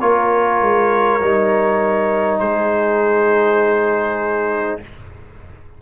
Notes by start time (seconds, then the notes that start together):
0.00 A#3 F4 A#4 C#5
0.61 G#3
1.21 G3 D#4
2.39 G#3 G#4 C5